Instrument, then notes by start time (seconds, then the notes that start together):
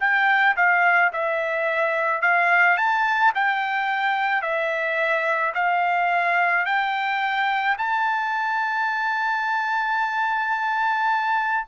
trumpet
0.00 G5
0.56 F5
1.13 E5
2.22 F5
2.77 A5
3.35 G5
4.42 E5
5.55 F5
6.66 G5
7.78 A5